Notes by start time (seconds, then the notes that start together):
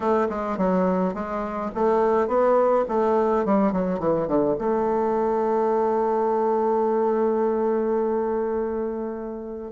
0.00 A3
0.29 G#3
0.57 F#3
1.14 G#3
1.74 A3
2.27 B3
2.88 A3
3.45 G3
3.72 F#3
3.99 E3
4.27 D3
4.58 A3